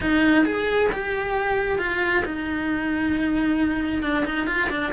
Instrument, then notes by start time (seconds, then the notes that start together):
cello
0.01 D#4
0.45 G#4
0.92 G4
1.78 F4
2.25 D#4
4.02 D4
4.25 D#4
4.46 F4
4.70 D4